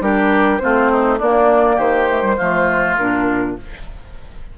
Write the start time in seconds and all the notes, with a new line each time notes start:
0.00 G3 D4 G4 A#4
0.58 A3 C4 F4 C5
0.91 D#4
1.18 A#3 D4 D5
1.76 D#3 G4 C5
2.09 A3
2.21 G3
2.37 F3 A3 F4
2.97 A#2 D4 A#4